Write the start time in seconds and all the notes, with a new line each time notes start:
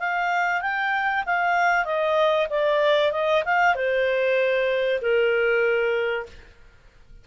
0.00 F5
0.62 G5
1.26 F5
1.86 D#5
2.50 D5
3.12 D#5
3.45 F5
3.76 C5
5.02 A#4